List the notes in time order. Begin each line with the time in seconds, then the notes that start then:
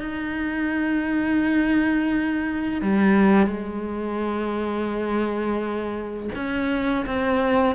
0.00 D#4
2.81 G3
3.47 G#3
6.35 C#4
7.06 C4